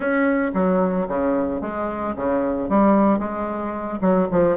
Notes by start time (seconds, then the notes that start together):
0.00 C#4
0.54 F#3
1.08 C#3
1.61 G#3
2.16 C#3
2.69 G3
3.19 G#3
4.01 F#3
4.31 F3